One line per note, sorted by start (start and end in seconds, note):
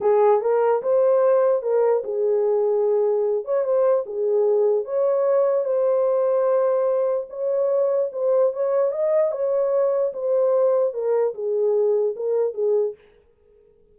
0.00 0.41 G#4
0.41 0.81 A#4
0.82 1.62 C5
1.62 2.03 A#4
2.04 3.45 G#4
3.45 3.64 C#5
3.64 4.04 C5
4.06 4.84 G#4
4.84 5.64 C#5
5.64 7.27 C5
7.29 8.10 C#5
8.12 8.53 C5
8.53 8.91 C#5
8.91 9.31 D#5
9.31 10.12 C#5
10.13 10.93 C5
10.93 11.34 A#4
11.34 12.15 G#4
12.15 12.54 A#4
12.54 12.94 G#4